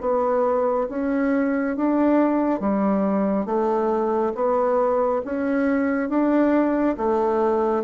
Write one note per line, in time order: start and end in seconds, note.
0.00 0.87 B3
0.89 1.76 C#4
1.76 2.60 D4
2.60 3.45 G3
3.45 4.32 A3
4.35 5.22 B3
5.25 6.09 C#4
6.09 6.96 D4
6.97 7.83 A3